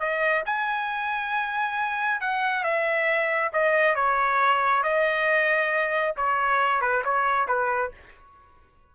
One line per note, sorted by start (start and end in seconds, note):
0.00 0.44 D#5
0.46 2.21 G#5
2.21 2.64 F#5
2.64 3.52 E5
3.53 3.95 D#5
3.95 4.83 C#5
4.83 6.16 D#5
6.17 6.81 C#5
6.81 7.03 B4
7.05 7.48 C#5
7.48 7.92 B4